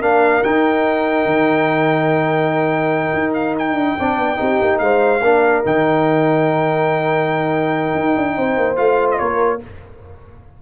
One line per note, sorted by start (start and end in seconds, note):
0.00 0.42 A#3
0.00 0.43 D4
0.00 3.97 A#4
0.00 0.43 F5
0.43 3.98 D#4
0.43 1.25 D#4
0.43 3.34 G5
1.25 3.12 D#3
3.13 3.74 D#4
3.34 3.54 F5
3.58 4.78 G5
3.74 3.95 D4
3.97 4.17 C4
3.97 4.35 D4
3.97 4.39 D5
4.17 4.38 B3
4.35 4.61 C4
4.35 5.19 D#4
4.35 4.81 G4
4.61 4.80 A#3
4.78 5.21 G#3
4.78 5.22 C5
4.78 5.62 F5
5.21 5.63 A#3
5.21 5.64 D4
5.21 8.34 A#4
5.64 7.94 D#3
5.64 8.75 D#4
5.64 8.76 G5
7.94 8.15 D#4
8.16 8.37 D4
8.37 8.57 C4
8.37 9.20 C5
8.57 8.77 A#3
8.75 9.19 A3
8.75 9.59 F4
8.75 9.07 F5
9.10 9.18 D#5
9.18 9.62 A#3
9.18 9.62 A#4
9.18 9.60 C#5